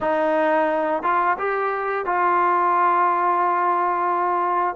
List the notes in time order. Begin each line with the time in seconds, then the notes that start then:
0.00 D#4
1.03 F4
1.38 G4
2.05 F4